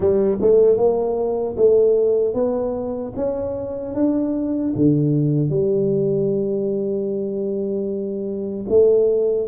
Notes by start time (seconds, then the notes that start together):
0.00 G3
0.41 A3
0.77 A#3
1.56 A3
2.34 B3
3.16 C#4
3.94 D4
4.75 D3
5.49 G3
8.68 A3